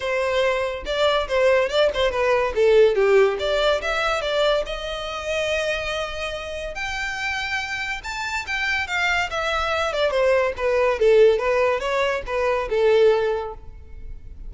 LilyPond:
\new Staff \with { instrumentName = "violin" } { \time 4/4 \tempo 4 = 142 c''2 d''4 c''4 | d''8 c''8 b'4 a'4 g'4 | d''4 e''4 d''4 dis''4~ | dis''1 |
g''2. a''4 | g''4 f''4 e''4. d''8 | c''4 b'4 a'4 b'4 | cis''4 b'4 a'2 | }